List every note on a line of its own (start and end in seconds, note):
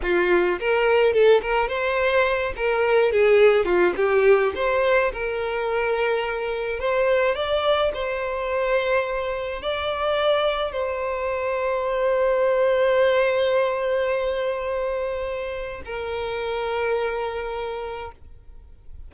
0.02 0.59 F4
0.59 1.13 A#4
1.13 1.41 A4
1.42 1.68 A#4
1.68 2.53 C5
2.56 3.12 A#4
3.12 3.65 G#4
3.65 3.93 F4
3.96 4.53 G4
4.55 5.11 C5
5.12 6.79 A#4
6.79 7.35 C5
7.35 7.91 D5
7.93 9.62 C5
9.62 10.72 D5
10.72 15.82 C5
15.85 18.11 A#4